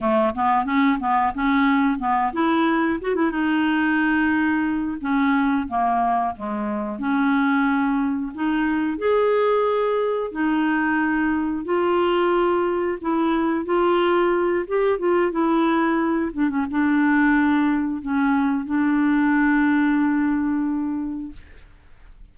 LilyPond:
\new Staff \with { instrumentName = "clarinet" } { \time 4/4 \tempo 4 = 90 a8 b8 cis'8 b8 cis'4 b8 e'8~ | e'8 fis'16 e'16 dis'2~ dis'8 cis'8~ | cis'8 ais4 gis4 cis'4.~ | cis'8 dis'4 gis'2 dis'8~ |
dis'4. f'2 e'8~ | e'8 f'4. g'8 f'8 e'4~ | e'8 d'16 cis'16 d'2 cis'4 | d'1 | }